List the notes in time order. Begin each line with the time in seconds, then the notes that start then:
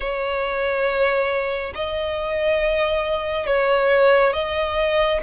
0.00 C#5
1.74 D#5
3.46 C#5
4.33 D#5